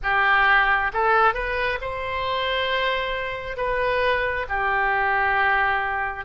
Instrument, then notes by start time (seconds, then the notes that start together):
oboe
0.02 G4
0.93 A4
1.34 B4
1.81 C5
3.56 B4
4.49 G4